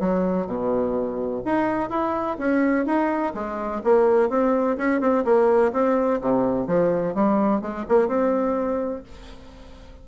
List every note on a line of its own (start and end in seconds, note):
0.00 0.47 F#3
0.47 1.42 B2
1.45 1.90 D#4
1.90 2.37 E4
2.38 2.86 C#4
2.86 3.33 D#4
3.34 3.82 G#3
3.84 4.29 A#3
4.29 4.77 C4
4.77 5.00 C#4
5.00 5.24 C4
5.24 5.72 A#3
5.73 6.20 C4
6.21 6.67 C3
6.67 7.15 F3
7.15 7.61 G3
7.61 7.85 G#3
7.89 8.08 A#3
8.08 9.03 C4